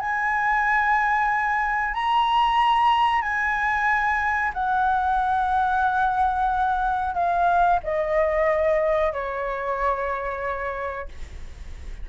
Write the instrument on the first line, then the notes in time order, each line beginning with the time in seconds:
flute
0.00 G#5
1.94 A#5
3.21 G#5
4.54 F#5
7.14 F5
7.83 D#5
9.13 C#5